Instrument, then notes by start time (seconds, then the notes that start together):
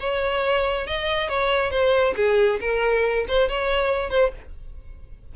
violin
0.00 C#5
0.87 D#5
1.29 C#5
1.71 C5
2.16 G#4
2.60 A#4
3.28 C5
3.49 C#5
4.10 C5